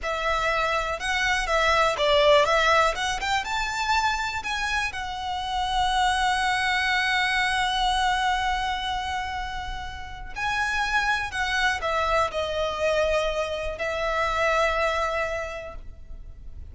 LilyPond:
\new Staff \with { instrumentName = "violin" } { \time 4/4 \tempo 4 = 122 e''2 fis''4 e''4 | d''4 e''4 fis''8 g''8 a''4~ | a''4 gis''4 fis''2~ | fis''1~ |
fis''1~ | fis''4 gis''2 fis''4 | e''4 dis''2. | e''1 | }